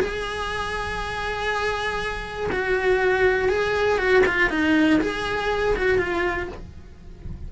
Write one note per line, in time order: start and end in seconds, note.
0.00 2.50 G#4
2.52 3.49 F#4
3.49 3.98 G#4
3.98 4.23 F#4
4.26 4.50 F4
4.50 5.00 D#4
5.01 5.76 G#4
5.77 5.98 F#4
5.98 6.48 F4